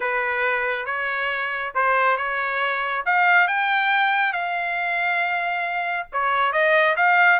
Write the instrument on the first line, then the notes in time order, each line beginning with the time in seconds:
trumpet
0.00 B4
0.85 C#5
1.74 C5
2.17 C#5
3.05 F5
3.47 G5
4.32 F5
6.12 C#5
6.52 D#5
6.96 F5